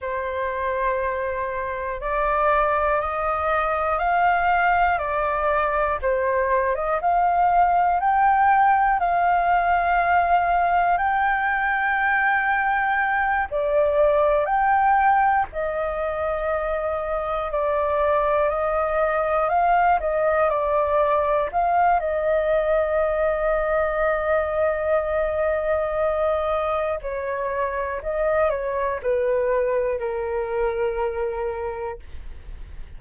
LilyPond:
\new Staff \with { instrumentName = "flute" } { \time 4/4 \tempo 4 = 60 c''2 d''4 dis''4 | f''4 d''4 c''8. dis''16 f''4 | g''4 f''2 g''4~ | g''4. d''4 g''4 dis''8~ |
dis''4. d''4 dis''4 f''8 | dis''8 d''4 f''8 dis''2~ | dis''2. cis''4 | dis''8 cis''8 b'4 ais'2 | }